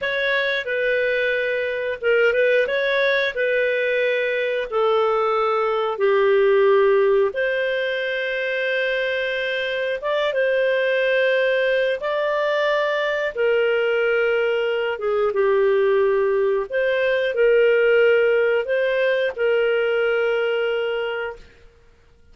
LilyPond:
\new Staff \with { instrumentName = "clarinet" } { \time 4/4 \tempo 4 = 90 cis''4 b'2 ais'8 b'8 | cis''4 b'2 a'4~ | a'4 g'2 c''4~ | c''2. d''8 c''8~ |
c''2 d''2 | ais'2~ ais'8 gis'8 g'4~ | g'4 c''4 ais'2 | c''4 ais'2. | }